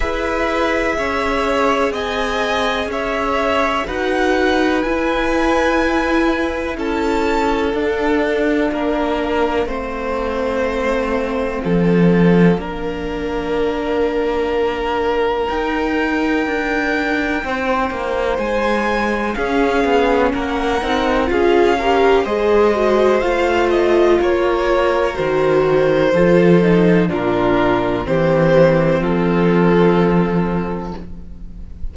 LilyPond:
<<
  \new Staff \with { instrumentName = "violin" } { \time 4/4 \tempo 4 = 62 e''2 gis''4 e''4 | fis''4 gis''2 a''4 | f''1~ | f''1 |
g''2. gis''4 | f''4 fis''4 f''4 dis''4 | f''8 dis''8 cis''4 c''2 | ais'4 c''4 a'2 | }
  \new Staff \with { instrumentName = "violin" } { \time 4/4 b'4 cis''4 dis''4 cis''4 | b'2. a'4~ | a'4 ais'4 c''2 | a'4 ais'2.~ |
ais'2 c''2 | gis'4 ais'4 gis'8 ais'8 c''4~ | c''4 ais'2 a'4 | f'4 g'4 f'2 | }
  \new Staff \with { instrumentName = "viola" } { \time 4/4 gis'1 | fis'4 e'2. | d'2 c'2~ | c'4 d'2. |
dis'1 | cis'4. dis'8 f'8 g'8 gis'8 fis'8 | f'2 fis'4 f'8 dis'8 | d'4 c'2. | }
  \new Staff \with { instrumentName = "cello" } { \time 4/4 e'4 cis'4 c'4 cis'4 | dis'4 e'2 cis'4 | d'4 ais4 a2 | f4 ais2. |
dis'4 d'4 c'8 ais8 gis4 | cis'8 b8 ais8 c'8 cis'4 gis4 | a4 ais4 dis4 f4 | ais,4 e4 f2 | }
>>